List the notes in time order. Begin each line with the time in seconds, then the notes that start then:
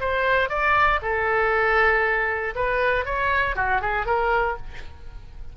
0.00 C5
0.49 D5
1.02 A4
2.55 B4
3.05 C#5
3.56 F#4
3.81 G#4
4.06 A#4